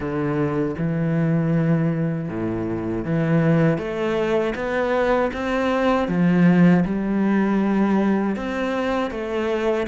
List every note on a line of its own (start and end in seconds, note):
0.00 0.75 D3
0.78 2.28 E3
2.28 3.04 A2
3.04 3.78 E3
3.78 4.54 A3
4.55 5.31 B3
5.33 6.08 C4
6.08 6.84 F3
6.85 8.35 G3
8.35 9.10 C4
9.10 9.86 A3